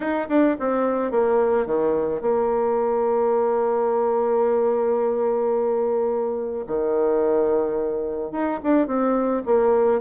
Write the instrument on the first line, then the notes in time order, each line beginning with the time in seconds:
bassoon
0.00 D#4
0.28 D4
0.59 C4
1.11 A#3
1.66 D#3
2.21 A#3
6.66 D#3
8.31 D#4
8.63 D4
8.87 C4
9.45 A#3